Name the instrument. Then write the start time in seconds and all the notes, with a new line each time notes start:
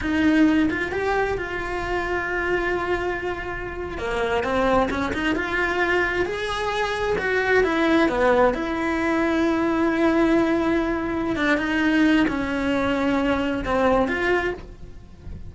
cello
0.01 D#4
0.69 F4
0.92 G4
1.37 F4
3.98 A#3
4.43 C4
4.90 C#4
5.13 D#4
5.35 F4
6.25 G#4
7.18 F#4
7.63 E4
8.08 B3
8.54 E4
11.36 D4
11.57 D#4
12.28 C#4
13.65 C4
14.08 F4